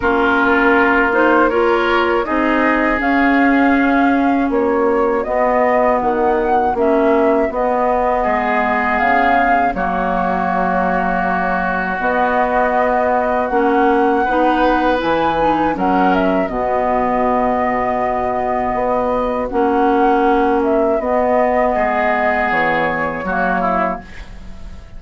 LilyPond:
<<
  \new Staff \with { instrumentName = "flute" } { \time 4/4 \tempo 4 = 80 ais'4. c''8 cis''4 dis''4 | f''2 cis''4 dis''4 | fis''4 e''4 dis''2 | f''4 cis''2. |
dis''2 fis''2 | gis''4 fis''8 e''8 dis''2~ | dis''2 fis''4. e''8 | dis''2 cis''2 | }
  \new Staff \with { instrumentName = "oboe" } { \time 4/4 f'2 ais'4 gis'4~ | gis'2 fis'2~ | fis'2. gis'4~ | gis'4 fis'2.~ |
fis'2. b'4~ | b'4 ais'4 fis'2~ | fis'1~ | fis'4 gis'2 fis'8 e'8 | }
  \new Staff \with { instrumentName = "clarinet" } { \time 4/4 cis'4. dis'8 f'4 dis'4 | cis'2. b4~ | b4 cis'4 b2~ | b4 ais2. |
b2 cis'4 dis'4 | e'8 dis'8 cis'4 b2~ | b2 cis'2 | b2. ais4 | }
  \new Staff \with { instrumentName = "bassoon" } { \time 4/4 ais2. c'4 | cis'2 ais4 b4 | dis4 ais4 b4 gis4 | cis4 fis2. |
b2 ais4 b4 | e4 fis4 b,2~ | b,4 b4 ais2 | b4 gis4 e4 fis4 | }
>>